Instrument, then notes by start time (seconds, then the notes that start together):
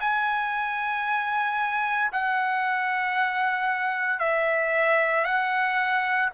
trumpet
0.00 G#5
2.12 F#5
4.19 E5
5.24 F#5